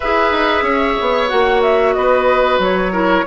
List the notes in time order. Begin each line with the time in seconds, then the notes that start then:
0.00 E4 G#4 B4 E5
0.31 D#4
0.62 C#4 C#5
1.01 B3
1.28 A#3 F#4 F#5
1.62 E5
1.93 B3 B4 D#5
2.58 F#3 C#5
2.92 E4 A#4